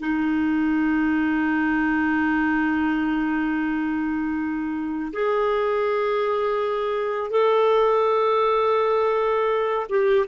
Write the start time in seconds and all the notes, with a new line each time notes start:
0.00 D#4
5.14 G#4
7.31 A4
9.89 G4